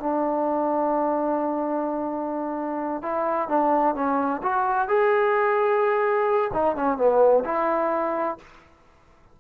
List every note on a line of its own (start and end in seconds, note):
0.00 3.02 D4
3.03 3.49 E4
3.49 3.95 D4
3.95 4.42 C#4
4.43 4.88 F#4
4.88 6.51 G#4
6.54 6.76 D#4
6.76 6.98 C#4
6.98 7.44 B3
7.45 8.38 E4